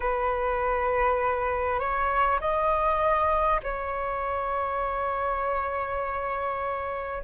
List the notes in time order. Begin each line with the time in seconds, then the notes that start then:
0.00 B4
1.79 C#5
2.40 D#5
3.63 C#5